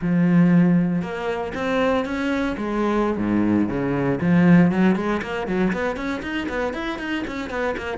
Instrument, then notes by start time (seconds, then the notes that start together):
cello
0.01 F3
1.02 A#3
1.54 C4
2.05 C#4
2.57 G#3
3.17 G#2
3.68 C#3
4.20 F3
4.71 F#3
4.95 G#3
5.22 A#3
5.47 F#3
5.72 B3
5.96 C#4
6.22 D#4
6.48 B3
6.73 E4
6.98 D#4
7.27 C#4
7.50 B3
7.77 A#3